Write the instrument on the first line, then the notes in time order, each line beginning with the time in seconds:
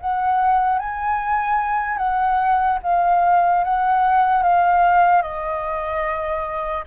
flute
0.00 F#5
0.79 G#5
1.97 F#5
2.83 F5
3.64 F#5
4.43 F5
5.21 D#5